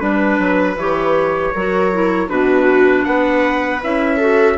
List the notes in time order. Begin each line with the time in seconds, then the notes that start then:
0.00 G3 D4 B4
0.39 F#3
0.76 E3 G4 C#5
1.54 F#3 F#4 A#4
1.93 E4
2.28 B2 D4 F#4 B4
3.05 B3 B4 F#5
3.83 C#4 E4 E5
4.17 F#4 A4